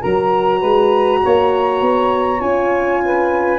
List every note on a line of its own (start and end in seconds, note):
0.00 0.62 F#3
0.00 2.40 F#4
0.00 0.59 A#4
0.00 2.41 A#5
0.59 1.22 G#3
0.59 1.19 B4
1.23 1.81 A#3
1.23 3.03 C#5
1.81 2.41 B3
2.40 3.59 C#4
2.40 3.59 F4
2.40 3.59 G#5
3.04 3.59 B4